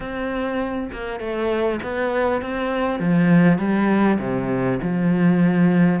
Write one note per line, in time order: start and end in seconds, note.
0.00 0.90 C4
0.92 1.20 A#3
1.20 1.80 A3
1.82 2.41 B3
2.41 2.99 C4
2.99 3.58 F3
3.58 4.18 G3
4.19 4.79 C3
4.82 6.00 F3